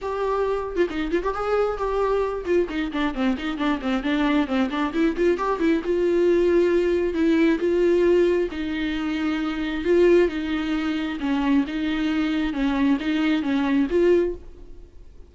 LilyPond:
\new Staff \with { instrumentName = "viola" } { \time 4/4 \tempo 4 = 134 g'4.~ g'16 f'16 dis'8 f'16 g'16 gis'4 | g'4. f'8 dis'8 d'8 c'8 dis'8 | d'8 c'8 d'4 c'8 d'8 e'8 f'8 | g'8 e'8 f'2. |
e'4 f'2 dis'4~ | dis'2 f'4 dis'4~ | dis'4 cis'4 dis'2 | cis'4 dis'4 cis'4 f'4 | }